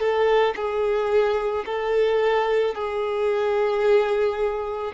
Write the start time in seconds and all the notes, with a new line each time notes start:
0.00 A4
0.56 G#4
1.66 A4
2.75 G#4